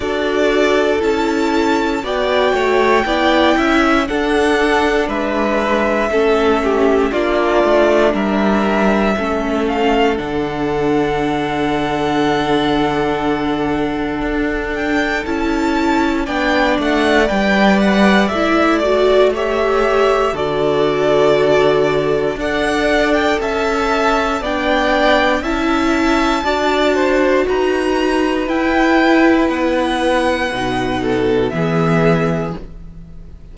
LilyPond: <<
  \new Staff \with { instrumentName = "violin" } { \time 4/4 \tempo 4 = 59 d''4 a''4 g''2 | fis''4 e''2 d''4 | e''4. f''8 fis''2~ | fis''2~ fis''8 g''8 a''4 |
g''8 fis''8 g''8 fis''8 e''8 d''8 e''4 | d''2 fis''8. g''16 a''4 | g''4 a''2 ais''4 | g''4 fis''2 e''4 | }
  \new Staff \with { instrumentName = "violin" } { \time 4/4 a'2 d''8 cis''8 d''8 e''8 | a'4 b'4 a'8 g'8 f'4 | ais'4 a'2.~ | a'1 |
d''2. cis''4 | a'2 d''4 e''4 | d''4 e''4 d''8 c''8 b'4~ | b'2~ b'8 a'8 gis'4 | }
  \new Staff \with { instrumentName = "viola" } { \time 4/4 fis'4 e'4 fis'4 e'4 | d'2 cis'4 d'4~ | d'4 cis'4 d'2~ | d'2. e'4 |
d'4 b'4 e'8 fis'8 g'4 | fis'2 a'2 | d'4 e'4 fis'2 | e'2 dis'4 b4 | }
  \new Staff \with { instrumentName = "cello" } { \time 4/4 d'4 cis'4 b8 a8 b8 cis'8 | d'4 gis4 a4 ais8 a8 | g4 a4 d2~ | d2 d'4 cis'4 |
b8 a8 g4 a2 | d2 d'4 cis'4 | b4 cis'4 d'4 dis'4 | e'4 b4 b,4 e4 | }
>>